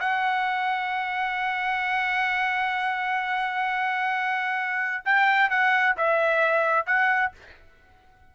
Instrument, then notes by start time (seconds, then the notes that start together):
trumpet
0.00 F#5
5.05 G5
5.50 F#5
5.97 E5
6.87 F#5